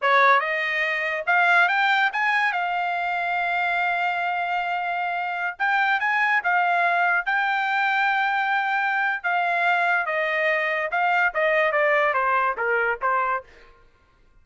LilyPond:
\new Staff \with { instrumentName = "trumpet" } { \time 4/4 \tempo 4 = 143 cis''4 dis''2 f''4 | g''4 gis''4 f''2~ | f''1~ | f''4~ f''16 g''4 gis''4 f''8.~ |
f''4~ f''16 g''2~ g''8.~ | g''2 f''2 | dis''2 f''4 dis''4 | d''4 c''4 ais'4 c''4 | }